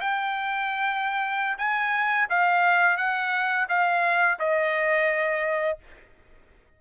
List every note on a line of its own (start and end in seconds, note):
0.00 1.57 G5
1.58 2.27 G#5
2.29 2.97 F5
2.97 3.66 F#5
3.68 4.38 F5
4.39 5.78 D#5